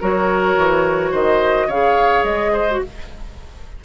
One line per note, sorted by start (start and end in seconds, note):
0.00 0.57 F#3
0.00 1.69 F#4
0.00 1.11 A#4
0.00 1.14 C#5
0.57 1.12 E3
1.11 1.67 D#3
1.11 1.67 C5
1.11 1.70 D#5
1.67 2.23 C#3
1.67 2.69 G#4
1.67 2.51 C#5
1.67 2.24 F5
2.23 2.79 G#3
2.23 2.80 D#5
2.52 2.80 C5
2.70 2.84 F#4